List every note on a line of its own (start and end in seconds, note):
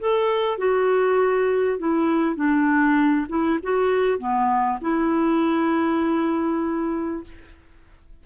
0.00 0.58 A4
0.58 1.79 F#4
1.79 2.36 E4
2.36 3.27 D4
3.29 3.59 E4
3.63 4.18 F#4
4.18 4.79 B3
4.81 7.24 E4